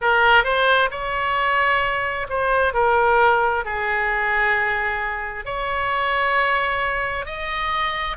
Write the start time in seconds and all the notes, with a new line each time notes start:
0.01 A#4
0.43 C5
0.90 C#5
2.29 C5
2.73 A#4
3.64 G#4
5.45 C#5
7.25 D#5